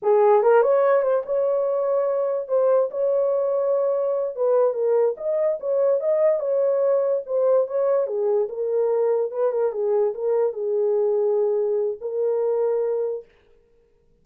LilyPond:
\new Staff \with { instrumentName = "horn" } { \time 4/4 \tempo 4 = 145 gis'4 ais'8 cis''4 c''8 cis''4~ | cis''2 c''4 cis''4~ | cis''2~ cis''8 b'4 ais'8~ | ais'8 dis''4 cis''4 dis''4 cis''8~ |
cis''4. c''4 cis''4 gis'8~ | gis'8 ais'2 b'8 ais'8 gis'8~ | gis'8 ais'4 gis'2~ gis'8~ | gis'4 ais'2. | }